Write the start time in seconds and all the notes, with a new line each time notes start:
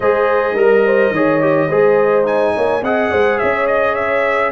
0.00 G#3 G#4 C5 D#5
0.54 G3 A#4
0.85 C5
1.10 D#3 G#4 C#5
1.40 G4
1.68 G#3 G#4 C5
2.24 D#4 G#5
2.55 A#3 C#5
2.81 C4 G#4 D#5 F#5
3.11 G#3 C5
3.38 C#4 C#5 E5
3.67 D#5
3.94 E5